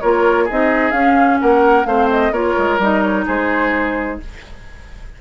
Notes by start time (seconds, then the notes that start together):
0.00 A#3 F4 A#4 C#5
0.44 C4 D#4 G#4
0.50 D#5
0.91 C#4 F5
1.40 A#3 A#4 F#5
1.85 A3 C4 C5 F5
2.10 D#5
2.31 A#3 F4 A#4 C#5
2.58 G#3
2.78 G3 D#4 D#5
3.02 C#5
3.26 G#3 G#4 C5